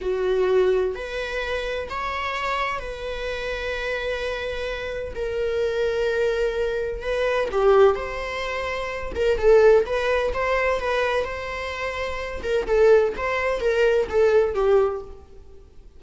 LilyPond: \new Staff \with { instrumentName = "viola" } { \time 4/4 \tempo 4 = 128 fis'2 b'2 | cis''2 b'2~ | b'2. ais'4~ | ais'2. b'4 |
g'4 c''2~ c''8 ais'8 | a'4 b'4 c''4 b'4 | c''2~ c''8 ais'8 a'4 | c''4 ais'4 a'4 g'4 | }